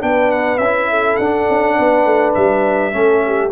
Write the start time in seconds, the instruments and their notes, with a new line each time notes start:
0.00 tuba B3, trombone D4, horn B4, trumpet G5
0.31 trumpet F#5
0.58 tuba C#4, trumpet E5
0.64 trombone E4
0.90 horn A4
1.16 tuba D4, trombone D4, trumpet F#5
1.49 tuba C#4
1.76 tuba B3, horn B4
2.05 tuba A3
2.34 tuba G3, trumpet E5
2.91 tuba A3, trombone C#4, horn A4
3.26 horn G4